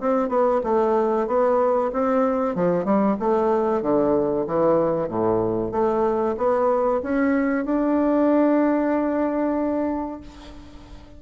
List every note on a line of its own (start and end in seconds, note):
0.00 0.29 C4
0.29 0.61 B3
0.64 1.27 A3
1.27 1.91 B3
1.93 2.55 C4
2.55 2.85 F3
2.85 3.17 G3
3.20 3.82 A3
3.82 4.46 D3
4.47 5.09 E3
5.09 5.72 A2
5.72 6.36 A3
6.37 7.01 B3
7.03 7.65 C#4
7.65 10.21 D4